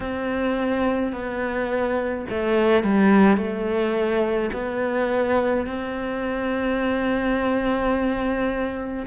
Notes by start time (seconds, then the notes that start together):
0.00 C4
1.12 B3
2.29 A3
2.83 G3
3.37 A3
4.53 B3
5.66 C4